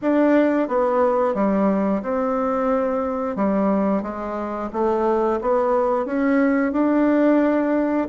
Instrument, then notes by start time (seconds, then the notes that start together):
bassoon
0.01 D4
0.67 B3
1.34 G3
2.02 C4
3.36 G3
4.02 G#3
4.72 A3
5.41 B3
6.05 C#4
6.72 D4